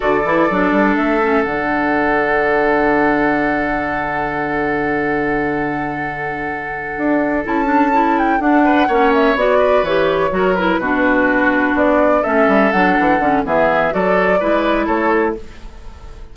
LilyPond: <<
  \new Staff \with { instrumentName = "flute" } { \time 4/4 \tempo 4 = 125 d''2 e''4 fis''4~ | fis''1~ | fis''1~ | fis''2.~ fis''8 a''8~ |
a''4 g''8 fis''4. e''8 d''8~ | d''8 cis''4. b'2~ | b'8 d''4 e''4 fis''4. | e''4 d''2 cis''4 | }
  \new Staff \with { instrumentName = "oboe" } { \time 4/4 a'1~ | a'1~ | a'1~ | a'1~ |
a'2 b'8 cis''4. | b'4. ais'4 fis'4.~ | fis'4. a'2~ a'8 | gis'4 a'4 b'4 a'4 | }
  \new Staff \with { instrumentName = "clarinet" } { \time 4/4 fis'8 e'8 d'4. cis'8 d'4~ | d'1~ | d'1~ | d'2.~ d'8 e'8 |
d'8 e'4 d'4 cis'4 fis'8~ | fis'8 g'4 fis'8 e'8 d'4.~ | d'4. cis'4 d'4 cis'8 | b4 fis'4 e'2 | }
  \new Staff \with { instrumentName = "bassoon" } { \time 4/4 d8 e8 fis8 g8 a4 d4~ | d1~ | d1~ | d2~ d8 d'4 cis'8~ |
cis'4. d'4 ais4 b8~ | b8 e4 fis4 b,4.~ | b,8 b4 a8 g8 fis8 e8 d8 | e4 fis4 gis4 a4 | }
>>